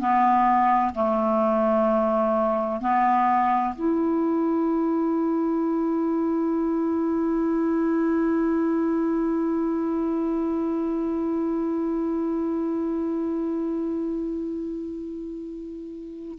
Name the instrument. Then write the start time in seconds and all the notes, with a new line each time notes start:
clarinet
0.00 B3
0.95 A3
2.81 B3
3.75 E4